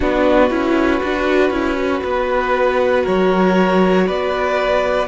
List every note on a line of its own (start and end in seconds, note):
0.00 0.50 B3
0.00 0.50 D4
0.00 2.03 F#4
0.00 3.06 B4
0.50 1.01 C#4
0.50 1.01 E4
1.01 1.50 D4
1.01 1.51 F#4
1.50 2.01 C#4
1.50 1.76 E4
1.76 5.07 F#4
2.03 3.05 B3
2.03 3.03 B4
3.03 4.08 F#3
3.03 4.04 A#4
3.03 4.07 C#5
4.06 5.08 B3
4.06 5.08 B4
4.06 5.08 D5